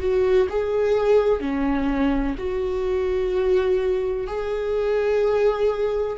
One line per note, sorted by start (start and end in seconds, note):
0.00 0.48 F#4
0.50 1.41 G#4
1.41 2.35 C#4
2.38 4.27 F#4
4.27 6.18 G#4